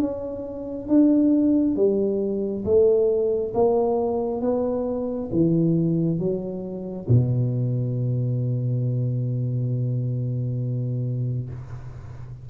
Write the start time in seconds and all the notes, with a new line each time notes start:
0.00 C#4
0.89 D4
1.76 G3
2.65 A3
3.55 A#3
4.42 B3
5.32 E3
6.19 F#3
7.09 B2